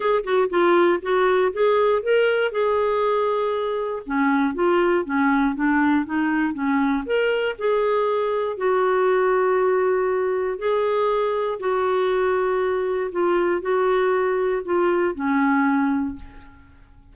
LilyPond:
\new Staff \with { instrumentName = "clarinet" } { \time 4/4 \tempo 4 = 119 gis'8 fis'8 f'4 fis'4 gis'4 | ais'4 gis'2. | cis'4 f'4 cis'4 d'4 | dis'4 cis'4 ais'4 gis'4~ |
gis'4 fis'2.~ | fis'4 gis'2 fis'4~ | fis'2 f'4 fis'4~ | fis'4 f'4 cis'2 | }